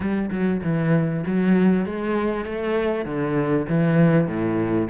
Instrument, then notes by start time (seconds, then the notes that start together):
cello
0.00 G3
0.30 F#3
0.62 E3
1.26 F#3
1.85 G#3
2.45 A3
3.05 D3
3.68 E3
4.27 A2